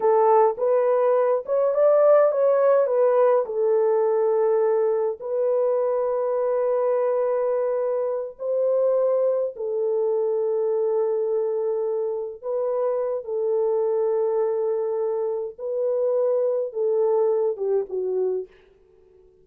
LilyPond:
\new Staff \with { instrumentName = "horn" } { \time 4/4 \tempo 4 = 104 a'4 b'4. cis''8 d''4 | cis''4 b'4 a'2~ | a'4 b'2.~ | b'2~ b'8 c''4.~ |
c''8 a'2.~ a'8~ | a'4. b'4. a'4~ | a'2. b'4~ | b'4 a'4. g'8 fis'4 | }